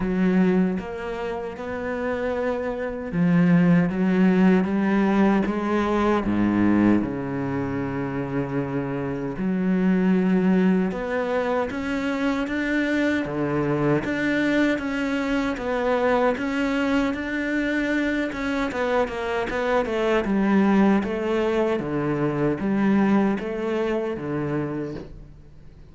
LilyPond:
\new Staff \with { instrumentName = "cello" } { \time 4/4 \tempo 4 = 77 fis4 ais4 b2 | f4 fis4 g4 gis4 | gis,4 cis2. | fis2 b4 cis'4 |
d'4 d4 d'4 cis'4 | b4 cis'4 d'4. cis'8 | b8 ais8 b8 a8 g4 a4 | d4 g4 a4 d4 | }